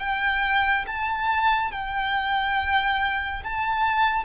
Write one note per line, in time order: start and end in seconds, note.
0.00 0.86 G5
0.87 1.72 A5
1.72 3.44 G5
3.44 4.25 A5